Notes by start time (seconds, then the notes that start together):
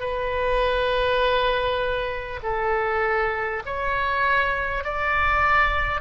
0.00 B4
2.43 A4
3.65 C#5
4.84 D5